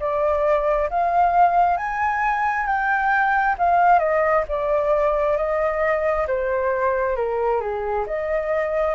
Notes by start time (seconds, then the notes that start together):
0.00 D5
0.90 F5
1.77 G#5
2.67 G5
3.59 F5
3.99 D#5
4.49 D5
5.37 D#5
6.28 C5
7.16 A#4
7.61 G#4
8.07 D#5